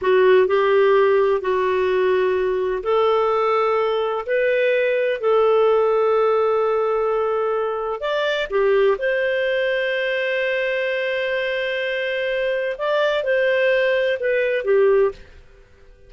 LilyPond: \new Staff \with { instrumentName = "clarinet" } { \time 4/4 \tempo 4 = 127 fis'4 g'2 fis'4~ | fis'2 a'2~ | a'4 b'2 a'4~ | a'1~ |
a'4 d''4 g'4 c''4~ | c''1~ | c''2. d''4 | c''2 b'4 g'4 | }